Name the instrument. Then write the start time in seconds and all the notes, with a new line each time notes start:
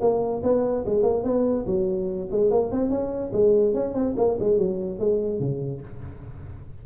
tuba
0.00 A#3
0.43 B3
0.85 G#3
1.02 A#3
1.23 B3
1.66 F#3
2.31 G#3
2.50 A#3
2.71 C4
2.90 C#4
3.33 G#3
3.74 C#4
3.94 C4
4.17 A#3
4.39 G#3
4.58 F#3
4.99 G#3
5.39 C#3